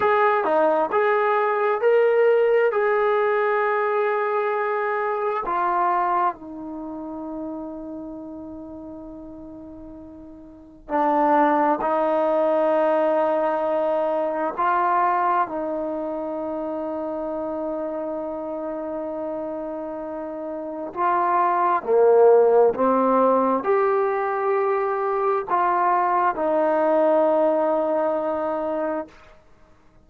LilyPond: \new Staff \with { instrumentName = "trombone" } { \time 4/4 \tempo 4 = 66 gis'8 dis'8 gis'4 ais'4 gis'4~ | gis'2 f'4 dis'4~ | dis'1 | d'4 dis'2. |
f'4 dis'2.~ | dis'2. f'4 | ais4 c'4 g'2 | f'4 dis'2. | }